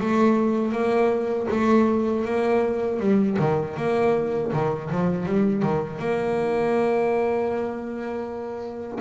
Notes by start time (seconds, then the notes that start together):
0.00 A3
0.72 A#3
1.50 A3
2.25 A#3
2.99 G3
3.39 D#3
3.77 A#3
4.52 D#3
4.91 F3
5.26 G3
5.62 D#3
5.99 A#3